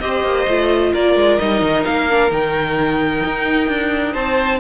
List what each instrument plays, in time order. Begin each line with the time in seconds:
0.00 cello C4, viola G4, violin C5 D#5
0.24 cello A#3
0.48 cello A3, viola F4
0.93 cello A#3, violin A#4 D5
1.16 cello G#3
1.38 cello G3, viola D#4, violin D#5
1.62 cello D#3
1.85 cello A#3, violin F5
2.10 viola D4
2.30 cello D#3, viola D#4, violin G5
3.25 cello D#4
3.68 cello D4
4.13 cello C4, violin C5 A5